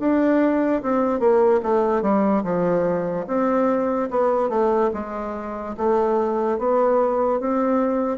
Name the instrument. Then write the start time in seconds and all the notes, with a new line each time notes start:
bassoon
0.00 D4
0.83 C4
1.20 A#3
1.63 A3
2.02 G3
2.44 F3
3.28 C4
4.11 B3
4.49 A3
4.94 G#3
5.77 A3
6.59 B3
7.40 C4